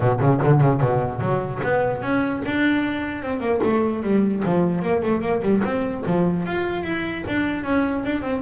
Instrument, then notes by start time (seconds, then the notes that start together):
double bass
0.00 B2
0.20 C#3
0.43 D3
0.60 C#3
0.81 B2
1.20 F#3
1.63 B3
2.01 C#4
2.45 D4
3.22 C4
3.40 A#3
3.63 A3
4.03 G3
4.45 F3
4.82 A#3
5.02 A3
5.21 A#3
5.42 G3
5.63 C4
6.06 F3
6.46 F4
6.83 E4
7.27 D4
7.63 C#4
8.04 D4
8.21 C4